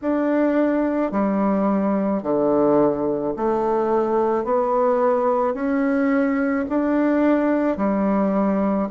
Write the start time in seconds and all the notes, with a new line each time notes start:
0.01 D4
1.11 G3
2.22 D3
3.36 A3
4.44 B3
5.54 C#4
6.69 D4
7.77 G3